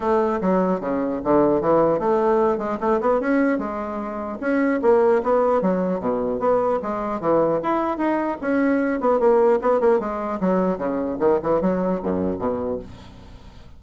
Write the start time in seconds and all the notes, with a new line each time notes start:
0.00 A3
0.41 F#3
0.80 C#3
1.24 D3
1.61 E3
1.99 A3
2.58 G#3
2.80 A3
3.00 B3
3.20 C#4
3.58 G#3
4.40 C#4
4.82 A#3
5.23 B3
5.61 F#3
6.00 B2
6.39 B3
6.82 G#3
7.20 E3
7.62 E4
7.97 D#4
8.41 C#4
9.00 B3
9.19 A#3
9.61 B3
9.80 A#3
9.99 G#3
10.40 F#3
10.77 C#3
11.19 D#3
11.43 E3
11.61 F#3
12.03 F#2
12.38 B2